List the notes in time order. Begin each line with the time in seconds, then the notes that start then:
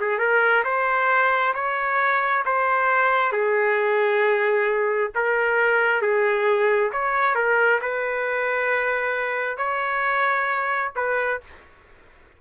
0.00 G#4
0.19 A#4
0.64 C5
1.54 C#5
2.45 C5
3.32 G#4
5.15 A#4
6.02 G#4
6.92 C#5
7.35 A#4
7.81 B4
9.57 C#5
10.96 B4